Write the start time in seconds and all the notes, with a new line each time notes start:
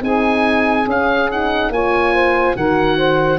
0.00 C4 D#4 G#4 G#5
0.86 C#4 F5
1.30 D#4 F#5
1.69 A#3 F4 C#5 G#5
2.13 C5
2.55 D#3 F#4 A#4 F#5
2.97 C5